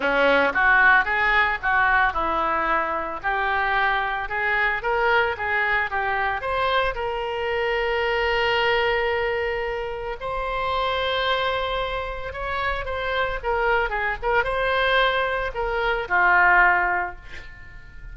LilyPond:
\new Staff \with { instrumentName = "oboe" } { \time 4/4 \tempo 4 = 112 cis'4 fis'4 gis'4 fis'4 | e'2 g'2 | gis'4 ais'4 gis'4 g'4 | c''4 ais'2.~ |
ais'2. c''4~ | c''2. cis''4 | c''4 ais'4 gis'8 ais'8 c''4~ | c''4 ais'4 f'2 | }